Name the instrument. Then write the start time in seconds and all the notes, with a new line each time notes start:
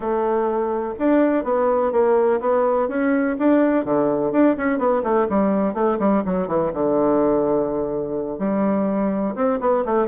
bassoon
0.00 A3
0.98 D4
1.44 B3
1.92 A#3
2.40 B3
2.88 C#4
3.38 D4
3.84 D3
4.32 D4
4.57 C#4
4.78 B3
5.03 A3
5.29 G3
5.74 A3
5.99 G3
6.25 F#3
6.47 E3
6.73 D3
8.38 G3
9.35 C4
9.60 B3
9.85 A3